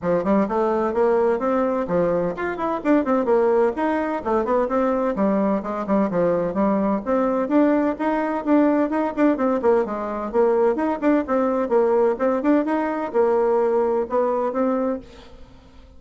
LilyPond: \new Staff \with { instrumentName = "bassoon" } { \time 4/4 \tempo 4 = 128 f8 g8 a4 ais4 c'4 | f4 f'8 e'8 d'8 c'8 ais4 | dis'4 a8 b8 c'4 g4 | gis8 g8 f4 g4 c'4 |
d'4 dis'4 d'4 dis'8 d'8 | c'8 ais8 gis4 ais4 dis'8 d'8 | c'4 ais4 c'8 d'8 dis'4 | ais2 b4 c'4 | }